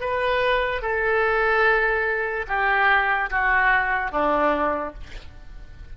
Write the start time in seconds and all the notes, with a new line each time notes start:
0.00 B4
0.81 A4
2.47 G4
3.30 F#4
4.11 D4